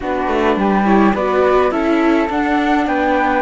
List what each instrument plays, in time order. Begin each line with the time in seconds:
0.00 cello B3, viola D4, flute F#4 B4
0.27 cello A3
0.56 cello G3, flute G4
0.84 viola E4, flute C#5
1.14 cello B3, viola F#4, flute B4 D5
1.71 cello C#4, viola E4, flute A4 E5
2.28 viola D4, cello D4, flute F#5
2.87 cello B3, flute B4 G5